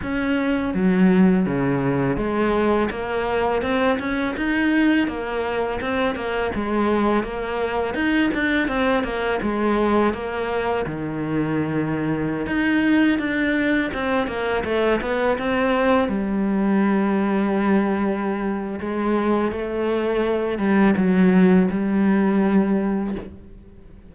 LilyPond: \new Staff \with { instrumentName = "cello" } { \time 4/4 \tempo 4 = 83 cis'4 fis4 cis4 gis4 | ais4 c'8 cis'8 dis'4 ais4 | c'8 ais8 gis4 ais4 dis'8 d'8 | c'8 ais8 gis4 ais4 dis4~ |
dis4~ dis16 dis'4 d'4 c'8 ais16~ | ais16 a8 b8 c'4 g4.~ g16~ | g2 gis4 a4~ | a8 g8 fis4 g2 | }